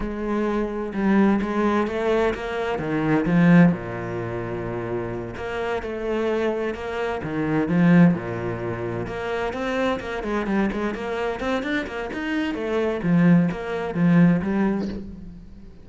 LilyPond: \new Staff \with { instrumentName = "cello" } { \time 4/4 \tempo 4 = 129 gis2 g4 gis4 | a4 ais4 dis4 f4 | ais,2.~ ais,8 ais8~ | ais8 a2 ais4 dis8~ |
dis8 f4 ais,2 ais8~ | ais8 c'4 ais8 gis8 g8 gis8 ais8~ | ais8 c'8 d'8 ais8 dis'4 a4 | f4 ais4 f4 g4 | }